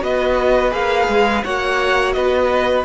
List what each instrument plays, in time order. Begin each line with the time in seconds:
0.00 cello B3, viola F#4, violin B4 D#5
0.71 cello A#3, viola G#4, violin F5
1.08 cello G#3
1.44 cello A#3, viola F#4, violin C#5 F#5
2.13 cello B3, violin B4 D#5